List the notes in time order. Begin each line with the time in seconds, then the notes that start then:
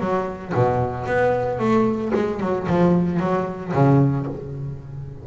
0.00 F#3
0.55 B2
1.06 B3
1.59 A3
2.14 G#3
2.40 F#3
2.68 F3
3.20 F#3
3.74 C#3